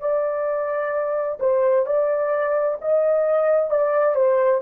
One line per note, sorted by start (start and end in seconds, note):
0.00 1.38 D5
1.40 1.86 C5
1.86 2.78 D5
2.81 3.70 D#5
3.70 4.15 D5
4.15 4.61 C5